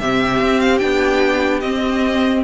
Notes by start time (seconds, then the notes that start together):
0.00 C3 C4 G4 E5
0.40 C4
0.60 F5
0.78 B3 D4 G5
1.60 C4 D#5